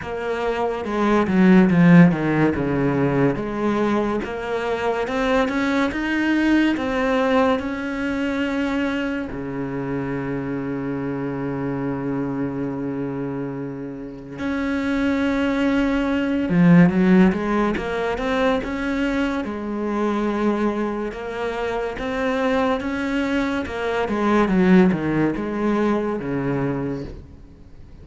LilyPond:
\new Staff \with { instrumentName = "cello" } { \time 4/4 \tempo 4 = 71 ais4 gis8 fis8 f8 dis8 cis4 | gis4 ais4 c'8 cis'8 dis'4 | c'4 cis'2 cis4~ | cis1~ |
cis4 cis'2~ cis'8 f8 | fis8 gis8 ais8 c'8 cis'4 gis4~ | gis4 ais4 c'4 cis'4 | ais8 gis8 fis8 dis8 gis4 cis4 | }